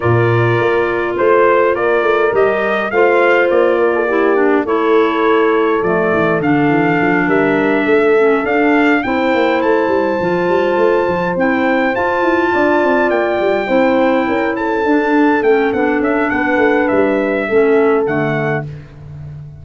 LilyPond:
<<
  \new Staff \with { instrumentName = "trumpet" } { \time 4/4 \tempo 4 = 103 d''2 c''4 d''4 | dis''4 f''4 d''2 | cis''2 d''4 f''4~ | f''8 e''2 f''4 g''8~ |
g''8 a''2. g''8~ | g''8 a''2 g''4.~ | g''4 a''4. g''8 fis''8 e''8 | fis''4 e''2 fis''4 | }
  \new Staff \with { instrumentName = "horn" } { \time 4/4 ais'2 c''4 ais'4~ | ais'4 c''4. ais'16 a'16 g'4 | a'1~ | a'8 ais'4 a'2 c''8~ |
c''1~ | c''4. d''2 c''8~ | c''8 ais'8 a'2. | b'2 a'2 | }
  \new Staff \with { instrumentName = "clarinet" } { \time 4/4 f'1 | g'4 f'2 e'8 d'8 | e'2 a4 d'4~ | d'2 cis'8 d'4 e'8~ |
e'4. f'2 e'8~ | e'8 f'2. e'8~ | e'4. d'4 cis'8 d'4~ | d'2 cis'4 a4 | }
  \new Staff \with { instrumentName = "tuba" } { \time 4/4 ais,4 ais4 a4 ais8 a8 | g4 a4 ais2 | a2 f8 e8 d8 e8 | f8 g4 a4 d'4 c'8 |
ais8 a8 g8 f8 g8 a8 f8 c'8~ | c'8 f'8 e'8 d'8 c'8 ais8 g8 c'8~ | c'8 cis'4 d'4 a8 b8 cis'8 | b8 a8 g4 a4 d4 | }
>>